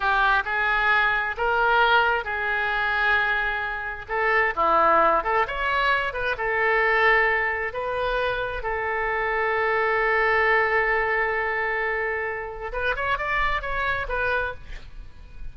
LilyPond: \new Staff \with { instrumentName = "oboe" } { \time 4/4 \tempo 4 = 132 g'4 gis'2 ais'4~ | ais'4 gis'2.~ | gis'4 a'4 e'4. a'8 | cis''4. b'8 a'2~ |
a'4 b'2 a'4~ | a'1~ | a'1 | b'8 cis''8 d''4 cis''4 b'4 | }